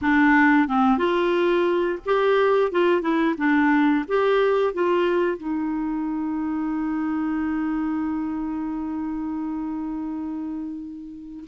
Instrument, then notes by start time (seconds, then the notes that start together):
clarinet
0.01 D4
0.67 C4
0.98 F4
2.05 G4
2.72 F4
3.01 E4
3.37 D4
4.08 G4
4.73 F4
5.37 D#4